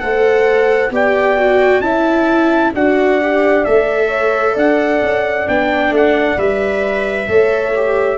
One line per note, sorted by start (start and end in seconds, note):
0.00 0.91 A3
0.00 0.91 A4
0.00 0.93 C5
0.00 0.91 F#5
0.91 1.81 B3
0.91 1.37 G4
0.91 1.83 D5
0.91 1.81 G5
1.37 1.83 F#4
1.81 2.72 C#4
1.81 2.74 E4
1.81 2.74 E5
1.81 2.72 A5
2.74 3.65 D4
2.74 3.22 F#4
2.74 4.08 D5
2.74 3.65 F#5
3.22 3.66 G4
3.65 4.56 A3
3.65 5.47 A4
3.65 4.56 E5
4.08 4.53 C#5
4.54 5.02 D4
4.54 7.27 D5
4.54 5.48 F#5
5.02 5.48 C#4
5.47 5.91 B3
5.47 6.37 D4
5.47 5.94 G5
5.91 6.36 A3
5.91 6.39 F#5
6.37 7.28 G3
6.37 7.28 B4
6.37 8.18 E5
7.28 8.18 A3
7.28 7.74 A4
7.28 8.18 C#5
7.75 8.18 G4